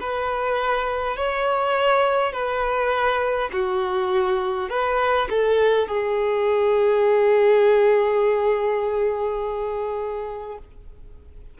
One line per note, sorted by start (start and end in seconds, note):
0.00 1.17 B4
1.17 2.33 C#5
2.33 3.50 B4
3.52 4.70 F#4
4.70 5.28 B4
5.30 5.88 A4
5.88 10.58 G#4